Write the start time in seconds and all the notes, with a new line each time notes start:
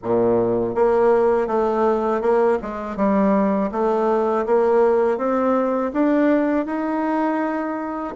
0.03 A#2
0.74 A#3
1.46 A3
2.21 A#3
2.61 G#3
2.96 G3
3.71 A3
4.46 A#3
5.17 C4
5.93 D4
6.66 D#4